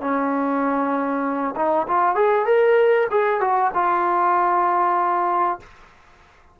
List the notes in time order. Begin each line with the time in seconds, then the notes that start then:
0.00 C#4
1.55 D#4
1.87 F4
2.15 G#4
2.45 A#4
3.10 G#4
3.40 F#4
3.74 F4